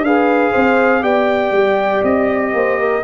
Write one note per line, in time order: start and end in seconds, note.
0.00 0.50 D4
0.00 1.01 G#4
0.00 0.51 B4
0.00 1.03 F5
0.51 1.03 C4
0.51 1.01 C5
1.01 1.51 B3
1.01 3.01 G4
1.01 2.53 D5
1.01 2.03 G5
1.51 2.01 G3
2.03 2.53 C4
2.03 3.03 D#5
2.53 3.03 A#3
2.53 2.79 C5
2.79 3.03 A#4